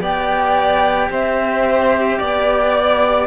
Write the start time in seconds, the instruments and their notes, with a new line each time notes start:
0.00 cello B3 G4, violin D5, flute G5
1.10 cello C4, violin C5, flute E5
2.19 cello B3, violin D5, flute D5